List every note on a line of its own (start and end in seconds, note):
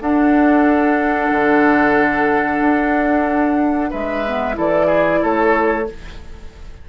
0.00 1.30 D4
0.00 4.24 D4
0.00 3.90 A4
0.00 3.92 F#5
1.31 2.61 D3
2.61 3.91 D4
3.90 4.57 G#3
3.90 4.55 B4
3.90 4.57 E5
4.26 4.54 B3
4.54 5.23 E3
4.54 5.84 E4
4.54 4.86 A4
4.54 5.24 D5
4.86 5.19 G#4
5.23 5.88 A3
5.23 5.88 A4
5.23 5.89 C#5